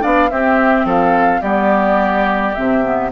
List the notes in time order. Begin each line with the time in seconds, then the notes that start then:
0.00 B3 D4 D5 F5
0.30 C4 G4 E5
0.84 F3 A4 F5
1.41 G3 B3 G4 D5
2.54 C3 C4 E5
2.82 B3